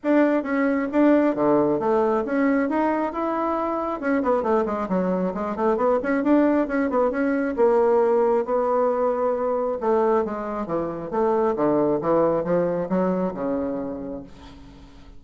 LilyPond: \new Staff \with { instrumentName = "bassoon" } { \time 4/4 \tempo 4 = 135 d'4 cis'4 d'4 d4 | a4 cis'4 dis'4 e'4~ | e'4 cis'8 b8 a8 gis8 fis4 | gis8 a8 b8 cis'8 d'4 cis'8 b8 |
cis'4 ais2 b4~ | b2 a4 gis4 | e4 a4 d4 e4 | f4 fis4 cis2 | }